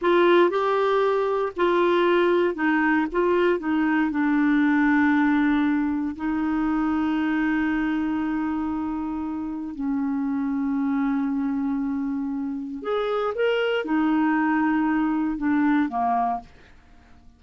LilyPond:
\new Staff \with { instrumentName = "clarinet" } { \time 4/4 \tempo 4 = 117 f'4 g'2 f'4~ | f'4 dis'4 f'4 dis'4 | d'1 | dis'1~ |
dis'2. cis'4~ | cis'1~ | cis'4 gis'4 ais'4 dis'4~ | dis'2 d'4 ais4 | }